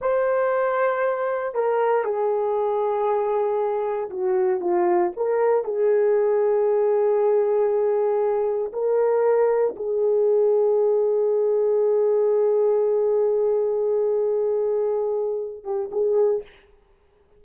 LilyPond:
\new Staff \with { instrumentName = "horn" } { \time 4/4 \tempo 4 = 117 c''2. ais'4 | gis'1 | fis'4 f'4 ais'4 gis'4~ | gis'1~ |
gis'4 ais'2 gis'4~ | gis'1~ | gis'1~ | gis'2~ gis'8 g'8 gis'4 | }